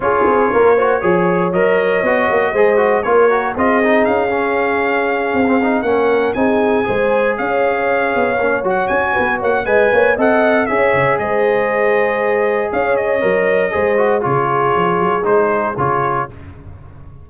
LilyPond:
<<
  \new Staff \with { instrumentName = "trumpet" } { \time 4/4 \tempo 4 = 118 cis''2. dis''4~ | dis''2 cis''4 dis''4 | f''2.~ f''8 fis''8~ | fis''8 gis''2 f''4.~ |
f''4 fis''8 gis''4 fis''8 gis''4 | fis''4 e''4 dis''2~ | dis''4 f''8 dis''2~ dis''8 | cis''2 c''4 cis''4 | }
  \new Staff \with { instrumentName = "horn" } { \time 4/4 gis'4 ais'8 c''8 cis''2~ | cis''4 c''4 ais'4 gis'4~ | gis'2.~ gis'8 ais'8~ | ais'8 gis'4 c''4 cis''4.~ |
cis''2 b'8 cis''8 dis''8 cis''8 | dis''4 cis''4 c''2~ | c''4 cis''2 c''4 | gis'1 | }
  \new Staff \with { instrumentName = "trombone" } { \time 4/4 f'4. fis'8 gis'4 ais'4 | fis'4 gis'8 fis'8 f'8 fis'8 f'8 dis'8~ | dis'8 cis'2~ cis'16 c'16 dis'8 cis'8~ | cis'8 dis'4 gis'2~ gis'8~ |
gis'8 cis'8 fis'2 b'4 | a'4 gis'2.~ | gis'2 ais'4 gis'8 fis'8 | f'2 dis'4 f'4 | }
  \new Staff \with { instrumentName = "tuba" } { \time 4/4 cis'8 c'8 ais4 f4 fis4 | b8 ais8 gis4 ais4 c'4 | cis'2~ cis'8 c'4 ais8~ | ais8 c'4 gis4 cis'4. |
b8 ais8 fis8 cis'8 b8 ais8 gis8 ais8 | c'4 cis'8 cis8 gis2~ | gis4 cis'4 fis4 gis4 | cis4 f8 fis8 gis4 cis4 | }
>>